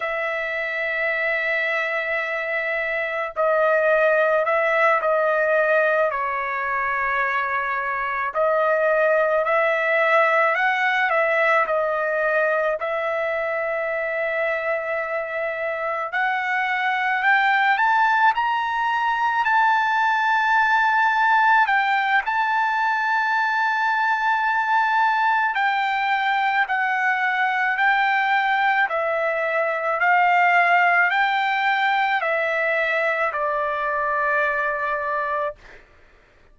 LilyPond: \new Staff \with { instrumentName = "trumpet" } { \time 4/4 \tempo 4 = 54 e''2. dis''4 | e''8 dis''4 cis''2 dis''8~ | dis''8 e''4 fis''8 e''8 dis''4 e''8~ | e''2~ e''8 fis''4 g''8 |
a''8 ais''4 a''2 g''8 | a''2. g''4 | fis''4 g''4 e''4 f''4 | g''4 e''4 d''2 | }